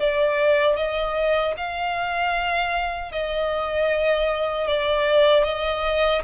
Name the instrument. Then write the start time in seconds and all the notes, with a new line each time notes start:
violin
0.00 D5
0.77 D#5
1.57 F5
3.12 D#5
4.68 D5
5.44 D#5